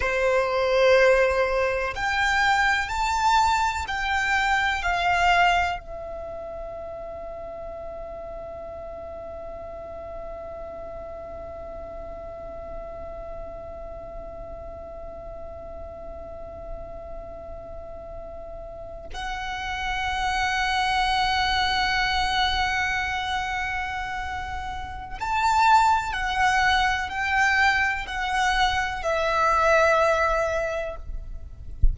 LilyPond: \new Staff \with { instrumentName = "violin" } { \time 4/4 \tempo 4 = 62 c''2 g''4 a''4 | g''4 f''4 e''2~ | e''1~ | e''1~ |
e''2.~ e''8. fis''16~ | fis''1~ | fis''2 a''4 fis''4 | g''4 fis''4 e''2 | }